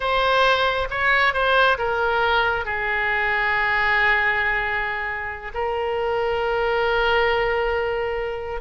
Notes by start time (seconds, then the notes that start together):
0.00 C5
0.90 C#5
1.33 C5
1.78 A#4
2.65 G#4
5.53 A#4